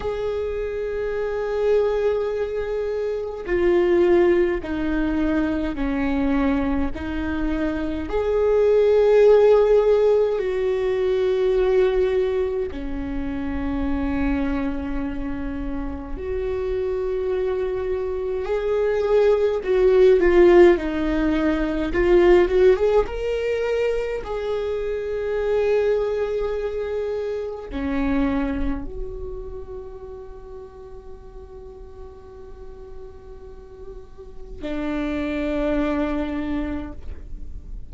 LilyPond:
\new Staff \with { instrumentName = "viola" } { \time 4/4 \tempo 4 = 52 gis'2. f'4 | dis'4 cis'4 dis'4 gis'4~ | gis'4 fis'2 cis'4~ | cis'2 fis'2 |
gis'4 fis'8 f'8 dis'4 f'8 fis'16 gis'16 | ais'4 gis'2. | cis'4 fis'2.~ | fis'2 d'2 | }